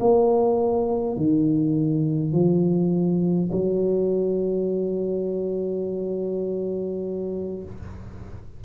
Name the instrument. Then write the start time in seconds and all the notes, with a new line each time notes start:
tuba
0.00 A#3
1.17 D#3
2.33 F3
3.52 F#3